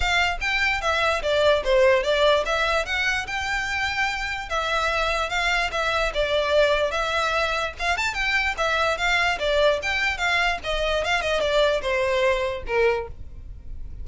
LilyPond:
\new Staff \with { instrumentName = "violin" } { \time 4/4 \tempo 4 = 147 f''4 g''4 e''4 d''4 | c''4 d''4 e''4 fis''4 | g''2. e''4~ | e''4 f''4 e''4 d''4~ |
d''4 e''2 f''8 a''8 | g''4 e''4 f''4 d''4 | g''4 f''4 dis''4 f''8 dis''8 | d''4 c''2 ais'4 | }